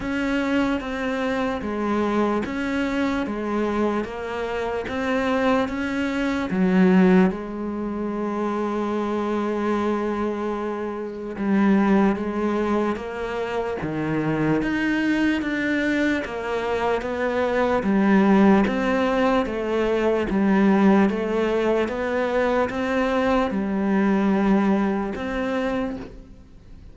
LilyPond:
\new Staff \with { instrumentName = "cello" } { \time 4/4 \tempo 4 = 74 cis'4 c'4 gis4 cis'4 | gis4 ais4 c'4 cis'4 | fis4 gis2.~ | gis2 g4 gis4 |
ais4 dis4 dis'4 d'4 | ais4 b4 g4 c'4 | a4 g4 a4 b4 | c'4 g2 c'4 | }